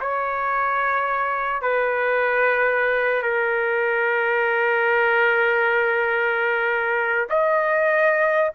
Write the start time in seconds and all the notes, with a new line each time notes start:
0.00 C#5
1.61 B4
3.22 A#4
7.29 D#5